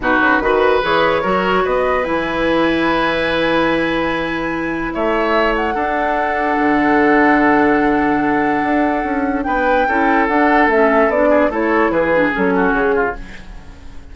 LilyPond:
<<
  \new Staff \with { instrumentName = "flute" } { \time 4/4 \tempo 4 = 146 b'2 cis''2 | dis''4 gis''2.~ | gis''1 | e''4. fis''2~ fis''8~ |
fis''1~ | fis''2. g''4~ | g''4 fis''4 e''4 d''4 | cis''4 b'4 a'4 gis'4 | }
  \new Staff \with { instrumentName = "oboe" } { \time 4/4 fis'4 b'2 ais'4 | b'1~ | b'1 | cis''2 a'2~ |
a'1~ | a'2. b'4 | a'2.~ a'8 gis'8 | a'4 gis'4. fis'4 f'8 | }
  \new Staff \with { instrumentName = "clarinet" } { \time 4/4 dis'4 fis'4 gis'4 fis'4~ | fis'4 e'2.~ | e'1~ | e'2 d'2~ |
d'1~ | d'1 | e'4 d'4 cis'4 d'4 | e'4. d'8 cis'2 | }
  \new Staff \with { instrumentName = "bassoon" } { \time 4/4 b,8 cis8 dis4 e4 fis4 | b4 e2.~ | e1 | a2 d'2 |
d1~ | d4 d'4 cis'4 b4 | cis'4 d'4 a4 b4 | a4 e4 fis4 cis4 | }
>>